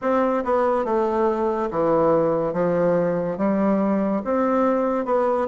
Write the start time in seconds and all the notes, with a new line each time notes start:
0.01 C4
0.44 B3
0.85 A3
1.71 E3
2.53 F3
3.37 G3
4.24 C4
5.05 B3